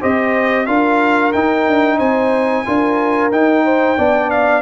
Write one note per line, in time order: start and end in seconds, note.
0.00 0.68 C4
0.00 0.67 G4
0.00 0.66 C5
0.00 0.66 D#5
0.66 1.34 D4
0.66 1.33 F4
0.66 1.98 A#4
0.66 1.32 F5
1.33 1.68 D#4
1.33 2.66 D#4
1.33 1.99 G5
1.68 2.00 D4
1.98 2.66 C4
1.98 2.64 C5
1.98 3.31 G#5
2.66 3.31 D4
2.66 3.31 F4
2.66 3.65 A#4
3.31 3.97 D#4
3.31 4.30 G5
3.65 3.98 C5
3.97 4.62 B3
3.97 4.62 D4
3.97 4.62 D5
4.30 4.62 F5